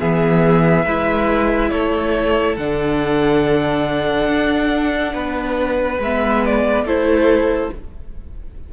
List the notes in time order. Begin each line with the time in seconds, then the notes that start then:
0.00 E3 B3 G#4 E5
0.86 G#3 E4 B4
1.71 A3 A4 C#5
2.57 D3 D4 F#5
4.29 D4
5.14 B3 B4
5.99 G#3 B3 E5
6.46 D5
6.84 A3 E4 A4 C5